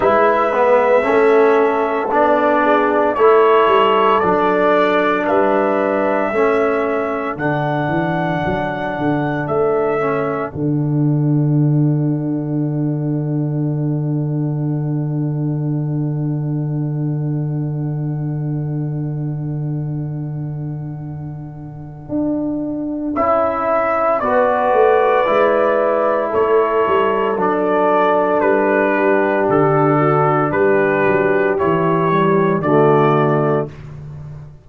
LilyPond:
<<
  \new Staff \with { instrumentName = "trumpet" } { \time 4/4 \tempo 4 = 57 e''2 d''4 cis''4 | d''4 e''2 fis''4~ | fis''4 e''4 fis''2~ | fis''1~ |
fis''1~ | fis''2 e''4 d''4~ | d''4 cis''4 d''4 b'4 | a'4 b'4 cis''4 d''4 | }
  \new Staff \with { instrumentName = "horn" } { \time 4/4 b'4 a'4. gis'8 a'4~ | a'4 b'4 a'2~ | a'1~ | a'1~ |
a'1~ | a'2. b'4~ | b'4 a'2~ a'8 g'8~ | g'8 fis'8 g'2 fis'4 | }
  \new Staff \with { instrumentName = "trombone" } { \time 4/4 e'8 b8 cis'4 d'4 e'4 | d'2 cis'4 d'4~ | d'4. cis'8 d'2~ | d'1~ |
d'1~ | d'2 e'4 fis'4 | e'2 d'2~ | d'2 e'8 g8 a4 | }
  \new Staff \with { instrumentName = "tuba" } { \time 4/4 gis4 a4 b4 a8 g8 | fis4 g4 a4 d8 e8 | fis8 d8 a4 d2~ | d1~ |
d1~ | d4 d'4 cis'4 b8 a8 | gis4 a8 g8 fis4 g4 | d4 g8 fis8 e4 d4 | }
>>